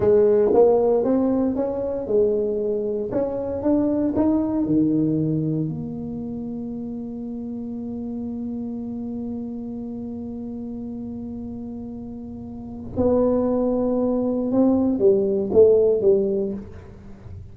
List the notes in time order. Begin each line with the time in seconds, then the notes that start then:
0.00 G#3
0.53 A#3
1.03 C4
1.55 C#4
2.07 G#3
3.11 C#4
3.62 D4
4.15 D#4
4.65 D#3
5.68 A#3
12.96 B3
14.51 C4
14.98 G3
15.52 A3
16.01 G3